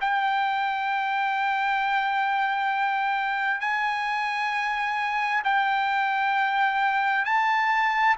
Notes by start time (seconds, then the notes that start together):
0.00 G5
3.60 G#5
5.44 G5
7.24 A5